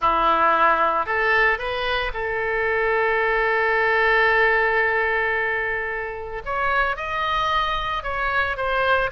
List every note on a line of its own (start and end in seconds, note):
0.01 1.06 E4
1.06 1.58 A4
1.58 2.11 B4
2.13 6.42 A4
6.45 6.96 C#5
6.96 8.03 D#5
8.03 8.56 C#5
8.56 9.10 C5